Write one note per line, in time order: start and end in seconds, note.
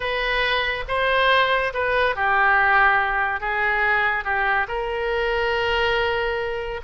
0.00 0.84 B4
0.87 1.73 C5
1.73 2.15 B4
2.15 3.40 G4
3.40 4.24 G#4
4.24 4.67 G4
4.68 6.80 A#4